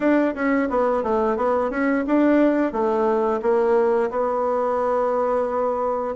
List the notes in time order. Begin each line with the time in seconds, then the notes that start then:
0.00 D4
0.34 C#4
0.69 B3
1.03 A3
1.36 B3
1.70 C#4
2.06 D4
2.72 A3
3.42 A#3
4.10 B3